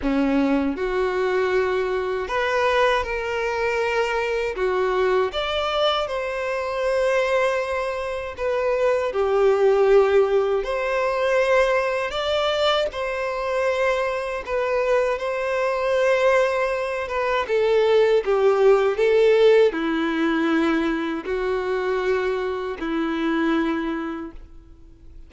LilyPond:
\new Staff \with { instrumentName = "violin" } { \time 4/4 \tempo 4 = 79 cis'4 fis'2 b'4 | ais'2 fis'4 d''4 | c''2. b'4 | g'2 c''2 |
d''4 c''2 b'4 | c''2~ c''8 b'8 a'4 | g'4 a'4 e'2 | fis'2 e'2 | }